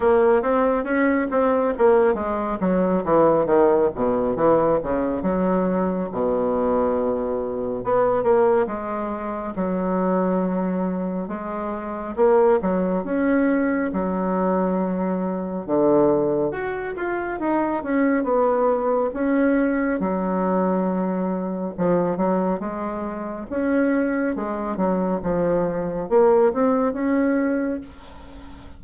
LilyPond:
\new Staff \with { instrumentName = "bassoon" } { \time 4/4 \tempo 4 = 69 ais8 c'8 cis'8 c'8 ais8 gis8 fis8 e8 | dis8 b,8 e8 cis8 fis4 b,4~ | b,4 b8 ais8 gis4 fis4~ | fis4 gis4 ais8 fis8 cis'4 |
fis2 d4 fis'8 f'8 | dis'8 cis'8 b4 cis'4 fis4~ | fis4 f8 fis8 gis4 cis'4 | gis8 fis8 f4 ais8 c'8 cis'4 | }